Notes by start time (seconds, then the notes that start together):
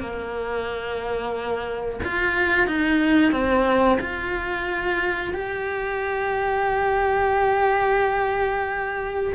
0.00 A#3
2.04 F4
2.67 D#4
3.32 C4
4.01 F4
5.34 G4